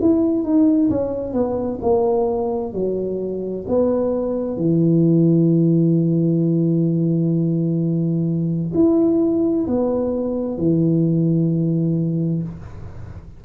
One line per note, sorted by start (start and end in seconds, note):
0.00 0.43 E4
0.43 0.89 D#4
0.89 1.33 C#4
1.33 1.79 B3
1.81 2.73 A#3
2.73 3.65 F#3
3.68 4.57 B3
4.57 8.72 E3
8.74 9.66 E4
9.66 10.57 B3
10.57 12.42 E3